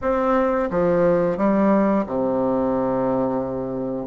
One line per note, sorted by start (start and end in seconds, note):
0.01 0.69 C4
0.70 1.37 F3
1.37 2.05 G3
2.06 4.07 C3